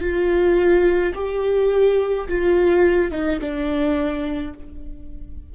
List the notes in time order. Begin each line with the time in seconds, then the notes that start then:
0.00 F4
1.14 G4
2.28 F4
3.11 D#4
3.40 D4